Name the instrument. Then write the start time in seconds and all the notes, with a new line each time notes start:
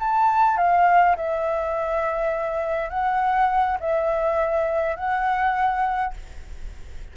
flute
0.00 A5
0.58 F5
1.17 E5
2.90 F#5
3.80 E5
4.97 F#5